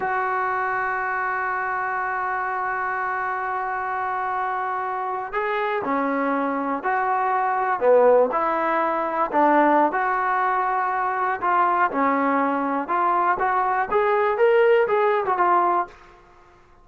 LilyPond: \new Staff \with { instrumentName = "trombone" } { \time 4/4 \tempo 4 = 121 fis'1~ | fis'1~ | fis'2~ fis'8. gis'4 cis'16~ | cis'4.~ cis'16 fis'2 b16~ |
b8. e'2 d'4~ d'16 | fis'2. f'4 | cis'2 f'4 fis'4 | gis'4 ais'4 gis'8. fis'16 f'4 | }